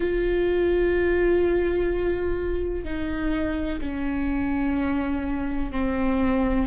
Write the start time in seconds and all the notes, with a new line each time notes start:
0.00 F4
2.84 D#4
3.81 C#4
5.71 C4